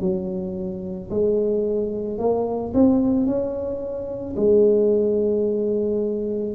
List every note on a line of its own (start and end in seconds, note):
0.00 1.09 F#3
1.10 2.18 G#3
2.18 2.73 A#3
2.74 3.26 C4
3.26 4.35 C#4
4.36 6.55 G#3